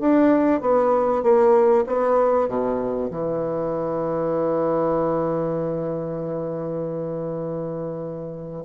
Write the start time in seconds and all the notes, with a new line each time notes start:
0.00 D4
0.61 B3
1.23 A#3
1.87 B3
2.48 B2
3.10 E3